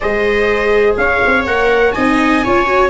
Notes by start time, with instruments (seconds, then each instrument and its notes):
0.00 tuba G#3, viola G#4 C5, trumpet D#5
0.96 tuba C#4, viola C#5, trumpet F5
1.26 tuba C4
1.46 tuba A#3, viola A#4, trumpet F#5
1.92 tuba C4, viola D#4 D#5, trumpet G#5
2.44 tuba C#4, viola F4 C#5
2.66 viola F#4